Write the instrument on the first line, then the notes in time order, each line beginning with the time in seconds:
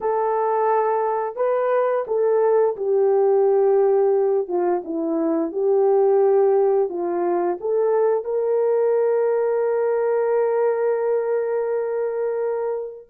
horn
0.00 A4
1.35 B4
2.07 A4
2.76 G4
4.48 F4
4.84 E4
5.52 G4
6.89 F4
7.60 A4
8.24 A#4